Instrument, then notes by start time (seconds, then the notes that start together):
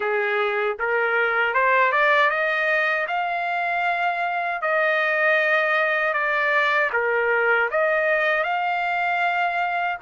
trumpet
0.00 G#4
0.79 A#4
1.54 C5
1.92 D5
2.29 D#5
3.07 F5
4.61 D#5
6.13 D5
6.92 A#4
7.70 D#5
8.43 F5